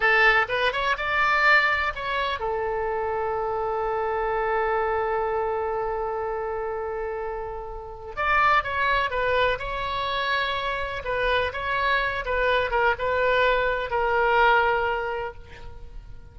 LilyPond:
\new Staff \with { instrumentName = "oboe" } { \time 4/4 \tempo 4 = 125 a'4 b'8 cis''8 d''2 | cis''4 a'2.~ | a'1~ | a'1~ |
a'4 d''4 cis''4 b'4 | cis''2. b'4 | cis''4. b'4 ais'8 b'4~ | b'4 ais'2. | }